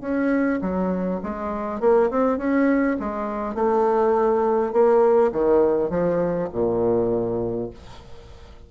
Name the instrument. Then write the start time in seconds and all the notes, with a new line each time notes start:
bassoon
0.00 C#4
0.61 F#3
1.23 G#3
1.80 A#3
2.10 C4
2.37 C#4
2.99 G#3
3.54 A3
4.72 A#3
5.31 D#3
5.89 F3
6.52 A#2